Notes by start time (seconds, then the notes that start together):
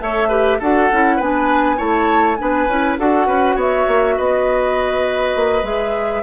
0.00 A3 A4 C#5 E5
0.28 G4 B4
0.59 D4 F#4 A4 F#5
0.92 C#4 E4
1.16 B3 D4 B4 G#5
1.77 A3 E4 C#5 A5
2.36 B3 D4 B4 G#5
2.67 C#4 E4
2.98 D4 F#4 A4 F#5
3.26 C#4 B4
3.55 B3 C#5 E5
3.87 A#3
4.17 B3 B4 D#5
5.35 A#3
5.63 G#3 G#4 E5